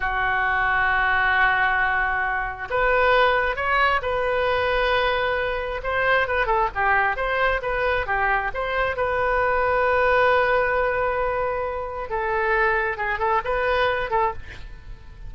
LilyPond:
\new Staff \with { instrumentName = "oboe" } { \time 4/4 \tempo 4 = 134 fis'1~ | fis'2 b'2 | cis''4 b'2.~ | b'4 c''4 b'8 a'8 g'4 |
c''4 b'4 g'4 c''4 | b'1~ | b'2. a'4~ | a'4 gis'8 a'8 b'4. a'8 | }